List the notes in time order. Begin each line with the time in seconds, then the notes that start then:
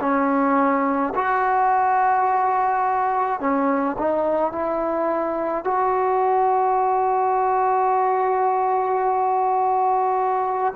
0.00 C#4
1.14 F#4
3.40 C#4
3.98 D#4
4.52 E4
5.64 F#4